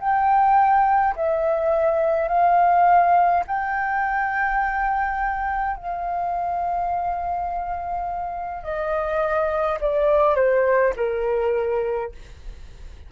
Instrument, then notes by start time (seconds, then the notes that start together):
flute
0.00 G5
1.16 E5
2.29 F5
3.47 G5
5.77 F5
8.64 D#5
9.81 D5
10.36 C5
10.97 A#4